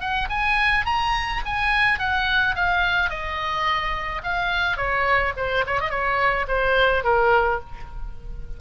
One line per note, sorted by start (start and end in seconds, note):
0.00 0.28 F#5
0.30 0.85 G#5
0.85 1.42 A#5
1.46 1.99 G#5
1.99 2.55 F#5
2.55 3.10 F5
3.10 4.22 D#5
4.23 4.77 F5
4.77 5.33 C#5
5.37 5.65 C5
5.67 5.81 C#5
5.81 5.90 D#5
5.90 6.46 C#5
6.48 7.04 C5
7.04 7.60 A#4